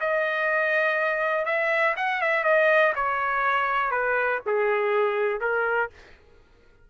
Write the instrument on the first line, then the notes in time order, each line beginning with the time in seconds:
trumpet
0.00 D#5
1.45 E5
1.96 F#5
2.21 E5
2.43 D#5
2.95 C#5
3.91 B4
4.46 G#4
5.41 A#4